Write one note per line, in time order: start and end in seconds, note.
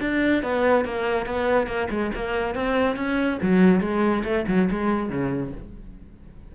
0.00 0.43 D4
0.43 0.85 B3
0.85 1.26 A#3
1.26 1.67 B3
1.67 1.88 A#3
1.90 2.11 G#3
2.15 2.55 A#3
2.55 2.96 C4
2.96 3.38 C#4
3.42 3.80 F#3
3.80 4.23 G#3
4.24 4.45 A3
4.48 4.69 F#3
4.70 5.09 G#3
5.09 5.52 C#3